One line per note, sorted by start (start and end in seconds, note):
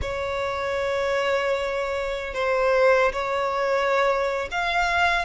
0.01 2.34 C#5
2.34 3.12 C5
3.12 4.48 C#5
4.51 5.25 F5